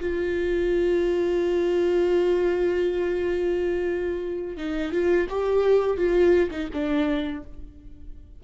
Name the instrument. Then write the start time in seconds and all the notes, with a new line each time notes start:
viola
0.00 F4
4.57 D#4
4.92 F4
5.29 G4
5.97 F4
6.51 D#4
6.73 D4